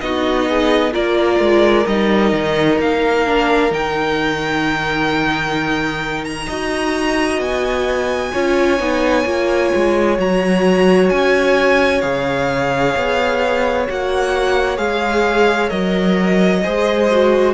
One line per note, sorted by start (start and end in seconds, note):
0.00 0.94 B3
0.00 0.91 D#4
0.00 0.48 F#4
0.00 0.92 D#5
0.48 0.92 G#4
0.91 1.39 A#3
0.91 1.83 F4
0.91 6.46 A#4
0.91 1.86 D5
1.39 1.85 G#3
1.86 2.32 G3
1.86 3.26 D#4
1.86 2.78 D#5
2.32 2.78 D#3
2.78 3.70 A#3
2.78 3.73 F5
3.26 3.70 D4
3.70 6.47 D#3
3.70 6.47 D#4
3.70 6.24 G5
6.24 7.39 A#5
6.47 7.38 D#4
6.47 8.33 F#4
6.47 8.31 D#5
7.38 8.30 B3
7.38 10.17 G#5
8.33 8.79 C#4
8.33 8.78 F4
8.33 16.63 C#5
8.78 9.24 B3
8.78 9.24 D#4
9.24 9.70 A#3
9.24 10.17 F4
9.75 10.18 G#3
10.17 11.10 F#3
10.17 12.02 F#4
10.17 11.09 A#5
11.09 12.03 C#4
11.09 12.01 G#5
12.01 12.95 C#3
12.01 13.86 G#4
12.01 13.85 F5
12.96 13.88 B3
13.87 14.77 A#3
13.87 14.77 F#4
13.87 14.77 F#5
14.77 15.70 G#3
14.77 15.68 G#4
14.77 15.69 F5
15.68 16.63 F#3
15.68 16.61 A#4
15.68 17.53 D#5
16.63 17.54 G#3
16.63 17.09 G#4
16.63 17.54 C5
17.11 17.54 F#4